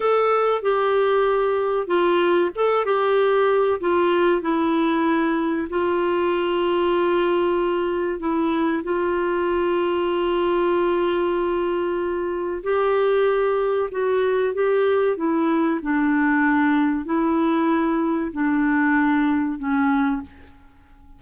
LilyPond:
\new Staff \with { instrumentName = "clarinet" } { \time 4/4 \tempo 4 = 95 a'4 g'2 f'4 | a'8 g'4. f'4 e'4~ | e'4 f'2.~ | f'4 e'4 f'2~ |
f'1 | g'2 fis'4 g'4 | e'4 d'2 e'4~ | e'4 d'2 cis'4 | }